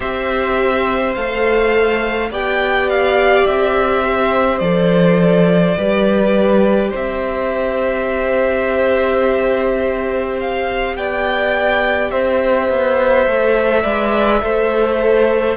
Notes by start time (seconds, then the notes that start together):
0.00 C4 G4 C5 E5
1.14 A3 A4 F5
2.30 B3 G4 D5 G5
2.89 F5
3.46 C4 E5
4.04 C5
4.58 F3 A4 D5
5.77 G3 G4 B4
6.90 C4 C5 E5
10.39 F5
10.96 B3 D5 G5
12.10 C4 C5 E5
12.69 B3
13.26 A3 A4
13.82 G#3 B4 D5
14.41 A3 A4 C5